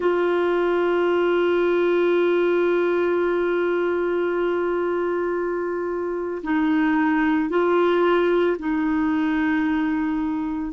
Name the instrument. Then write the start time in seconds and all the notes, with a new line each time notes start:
clarinet
0.00 F4
6.43 D#4
7.49 F4
8.59 D#4